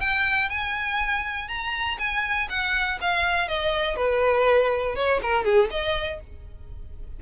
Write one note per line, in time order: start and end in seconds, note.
0.00 0.49 G5
0.49 1.48 G#5
1.48 1.97 A#5
1.98 2.48 G#5
2.49 2.98 F#5
3.00 3.48 F5
3.48 3.96 D#5
3.96 4.95 B4
4.95 5.20 C#5
5.22 5.44 A#4
5.44 5.69 G#4
5.70 6.20 D#5